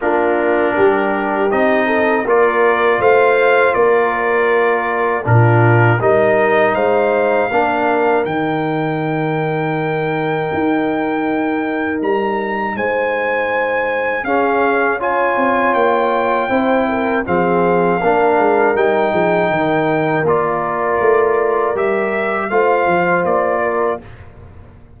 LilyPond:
<<
  \new Staff \with { instrumentName = "trumpet" } { \time 4/4 \tempo 4 = 80 ais'2 dis''4 d''4 | f''4 d''2 ais'4 | dis''4 f''2 g''4~ | g''1 |
ais''4 gis''2 f''4 | gis''4 g''2 f''4~ | f''4 g''2 d''4~ | d''4 e''4 f''4 d''4 | }
  \new Staff \with { instrumentName = "horn" } { \time 4/4 f'4 g'4. a'8 ais'4 | c''4 ais'2 f'4 | ais'4 c''4 ais'2~ | ais'1~ |
ais'4 c''2 gis'4 | cis''2 c''8 ais'8 gis'4 | ais'4. gis'8 ais'2~ | ais'2 c''4. ais'8 | }
  \new Staff \with { instrumentName = "trombone" } { \time 4/4 d'2 dis'4 f'4~ | f'2. d'4 | dis'2 d'4 dis'4~ | dis'1~ |
dis'2. cis'4 | f'2 e'4 c'4 | d'4 dis'2 f'4~ | f'4 g'4 f'2 | }
  \new Staff \with { instrumentName = "tuba" } { \time 4/4 ais4 g4 c'4 ais4 | a4 ais2 ais,4 | g4 gis4 ais4 dis4~ | dis2 dis'2 |
g4 gis2 cis'4~ | cis'8 c'8 ais4 c'4 f4 | ais8 gis8 g8 f8 dis4 ais4 | a4 g4 a8 f8 ais4 | }
>>